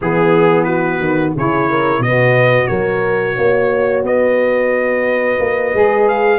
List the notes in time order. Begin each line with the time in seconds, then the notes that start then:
0.01 E3 B3 G#4
0.63 F#4 B4
0.99 D#3
1.36 C#3 E4 G#4 C#5
1.69 A#4
1.99 B2 F#4 D#5
2.06 B4
2.67 F#3 A#4 C#5
3.37 A#3 C#5
4.03 B3 B4 D#5
5.39 A#3
5.73 G#3 G#4
6.08 F5